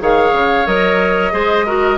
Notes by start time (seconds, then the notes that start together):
0.00 D#3 G#4 C#5 F5
0.32 C#3
0.66 F#3 A#4 D#5
1.31 G#3 G#4 C5
1.65 F#4 A#4